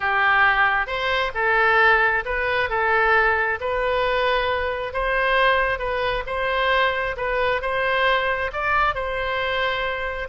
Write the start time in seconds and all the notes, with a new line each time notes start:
0.00 G4
0.86 C5
1.34 A4
2.25 B4
2.69 A4
3.60 B4
4.93 C5
5.78 B4
6.26 C5
7.16 B4
7.61 C5
8.52 D5
8.95 C5